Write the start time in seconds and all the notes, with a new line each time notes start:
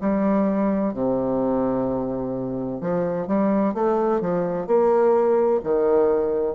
0.00 G3
0.93 C3
2.81 F3
3.27 G3
3.74 A3
4.20 F3
4.66 A#3
5.63 D#3